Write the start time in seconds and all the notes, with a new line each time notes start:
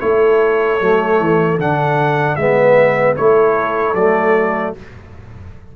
0.00 A3 E4 A4 C#5
0.80 F#3 A3
1.20 E3
1.59 D3 D4 F#5
2.36 G#3 B3 B4 E5
3.16 A3 E4 A4 C#5
3.94 F#3 A3 D5